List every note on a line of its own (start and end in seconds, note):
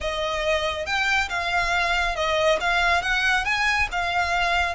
0.00 0.85 D#5
0.85 1.29 G5
1.29 2.15 F5
2.15 2.58 D#5
2.60 3.02 F5
3.02 3.44 F#5
3.44 3.88 G#5
3.91 4.74 F5